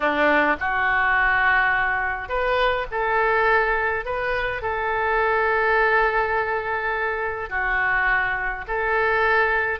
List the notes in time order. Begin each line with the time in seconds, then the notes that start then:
0.00 D4
0.60 F#4
2.28 B4
2.91 A4
4.05 B4
4.62 A4
7.49 F#4
8.67 A4